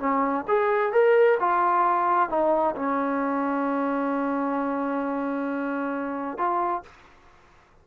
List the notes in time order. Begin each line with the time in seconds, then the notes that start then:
0.00 C#4
0.48 G#4
0.93 A#4
1.40 F4
2.30 D#4
2.76 C#4
6.38 F4